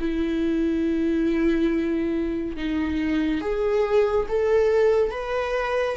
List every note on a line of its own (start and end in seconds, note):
0.00 2.56 E4
2.56 3.41 D#4
3.41 4.27 G#4
4.29 5.11 A4
5.11 5.96 B4